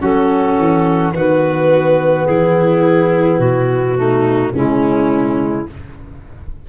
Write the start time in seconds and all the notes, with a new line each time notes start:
0.00 F#3 C#4 F#4 A4
0.58 E3
1.14 D#3 B3 F#4 B4
2.27 E3 E4 G#4
3.39 B2 F#4
3.97 A3 D#4
4.54 C#3 G#3 C#4 E4